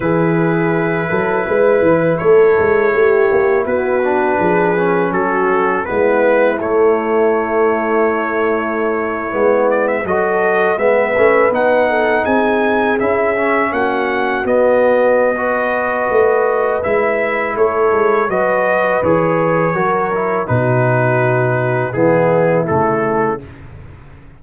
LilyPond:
<<
  \new Staff \with { instrumentName = "trumpet" } { \time 4/4 \tempo 4 = 82 b'2. cis''4~ | cis''4 b'2 a'4 | b'4 cis''2.~ | cis''4~ cis''16 d''16 e''16 dis''4 e''4 fis''16~ |
fis''8. gis''4 e''4 fis''4 dis''16~ | dis''2. e''4 | cis''4 dis''4 cis''2 | b'2 gis'4 a'4 | }
  \new Staff \with { instrumentName = "horn" } { \time 4/4 gis'4. a'8 b'4 a'4 | g'4 fis'4 gis'4 fis'4 | e'1~ | e'4.~ e'16 a'4 b'4~ b'16~ |
b'16 a'8 gis'2 fis'4~ fis'16~ | fis'4 b'2. | a'4 b'2 ais'4 | fis'2 e'2 | }
  \new Staff \with { instrumentName = "trombone" } { \time 4/4 e'1~ | e'4. d'4 cis'4. | b4 a2.~ | a8. b4 fis'4 b8 cis'8 dis'16~ |
dis'4.~ dis'16 e'8 cis'4. b16~ | b4 fis'2 e'4~ | e'4 fis'4 gis'4 fis'8 e'8 | dis'2 b4 a4 | }
  \new Staff \with { instrumentName = "tuba" } { \time 4/4 e4. fis8 gis8 e8 a8 gis8 | a8 ais8 b4 f4 fis4 | gis4 a2.~ | a8. gis4 fis4 gis8 a8 b16~ |
b8. c'4 cis'4 ais4 b16~ | b2 a4 gis4 | a8 gis8 fis4 e4 fis4 | b,2 e4 cis4 | }
>>